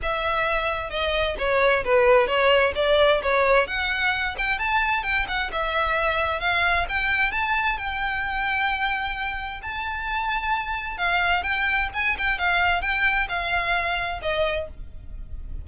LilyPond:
\new Staff \with { instrumentName = "violin" } { \time 4/4 \tempo 4 = 131 e''2 dis''4 cis''4 | b'4 cis''4 d''4 cis''4 | fis''4. g''8 a''4 g''8 fis''8 | e''2 f''4 g''4 |
a''4 g''2.~ | g''4 a''2. | f''4 g''4 gis''8 g''8 f''4 | g''4 f''2 dis''4 | }